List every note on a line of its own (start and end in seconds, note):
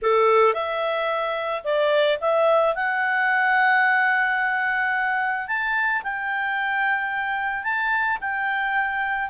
0.01 0.53 A4
0.53 1.62 E5
1.64 2.18 D5
2.20 2.75 E5
2.75 5.47 F#5
5.47 6.02 A5
6.03 7.63 G5
7.63 8.18 A5
8.20 9.29 G5